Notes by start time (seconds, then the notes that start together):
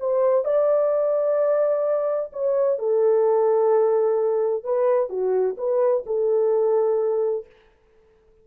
0.00 C5
0.45 D5
2.33 C#5
2.79 A4
4.64 B4
5.10 F#4
5.58 B4
6.06 A4